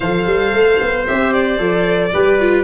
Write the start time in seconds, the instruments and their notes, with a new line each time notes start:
0.00 tuba F3, viola A4, trumpet C5, violin F5
0.25 tuba G3
0.52 tuba A3
0.81 tuba B3
1.07 tuba C4, viola G4, violin E5
1.33 violin D5
1.58 tuba F3, viola A4
2.13 tuba G3, viola G4, trumpet B4
2.39 viola F4